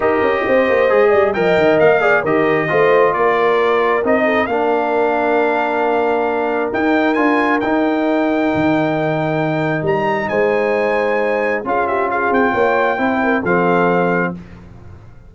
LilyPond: <<
  \new Staff \with { instrumentName = "trumpet" } { \time 4/4 \tempo 4 = 134 dis''2. g''4 | f''4 dis''2 d''4~ | d''4 dis''4 f''2~ | f''2. g''4 |
gis''4 g''2.~ | g''2 ais''4 gis''4~ | gis''2 f''8 e''8 f''8 g''8~ | g''2 f''2 | }
  \new Staff \with { instrumentName = "horn" } { \time 4/4 ais'4 c''4. d''8 dis''4~ | dis''8 d''8 ais'4 c''4 ais'4~ | ais'4. a'8 ais'2~ | ais'1~ |
ais'1~ | ais'2. c''4~ | c''2 gis'8 g'8 gis'4 | cis''4 c''8 ais'8 a'2 | }
  \new Staff \with { instrumentName = "trombone" } { \time 4/4 g'2 gis'4 ais'4~ | ais'8 gis'8 g'4 f'2~ | f'4 dis'4 d'2~ | d'2. dis'4 |
f'4 dis'2.~ | dis'1~ | dis'2 f'2~ | f'4 e'4 c'2 | }
  \new Staff \with { instrumentName = "tuba" } { \time 4/4 dis'8 cis'8 c'8 ais8 gis8 g8 f8 dis8 | ais4 dis4 a4 ais4~ | ais4 c'4 ais2~ | ais2. dis'4 |
d'4 dis'2 dis4~ | dis2 g4 gis4~ | gis2 cis'4. c'8 | ais4 c'4 f2 | }
>>